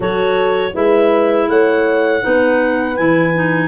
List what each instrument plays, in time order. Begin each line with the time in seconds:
0.00 tuba F#3, clarinet F#4 C#5, horn A4
0.73 tuba G#3, clarinet E4 E5, horn B4
1.48 tuba A3, horn C#5, clarinet F#5
2.21 tuba B3, clarinet D#4, horn B4
2.96 tuba E3, clarinet E4 G#5
3.34 clarinet D#4